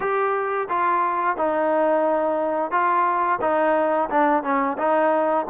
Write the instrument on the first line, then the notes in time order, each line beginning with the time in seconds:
trombone
0.00 G4
0.69 F4
1.36 D#4
2.71 F4
3.41 D#4
4.09 D4
4.43 C#4
4.77 D#4